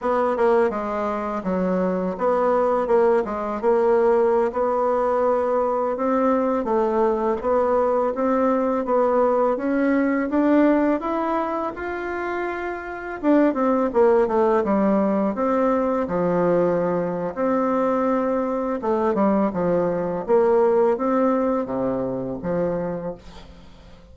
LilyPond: \new Staff \with { instrumentName = "bassoon" } { \time 4/4 \tempo 4 = 83 b8 ais8 gis4 fis4 b4 | ais8 gis8 ais4~ ais16 b4.~ b16~ | b16 c'4 a4 b4 c'8.~ | c'16 b4 cis'4 d'4 e'8.~ |
e'16 f'2 d'8 c'8 ais8 a16~ | a16 g4 c'4 f4.~ f16 | c'2 a8 g8 f4 | ais4 c'4 c4 f4 | }